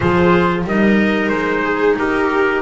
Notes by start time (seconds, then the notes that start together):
0.00 F3 F4 G#4 C5
0.64 G3 D#4 A#4 D#5
1.29 G#3 C5
1.64 G#4
1.98 D#4 G4 A#4